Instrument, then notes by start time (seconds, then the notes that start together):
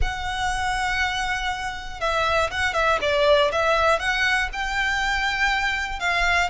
violin
0.01 F#5
2.00 E5
2.50 F#5
2.73 E5
3.01 D5
3.52 E5
3.99 F#5
4.52 G5
5.99 F5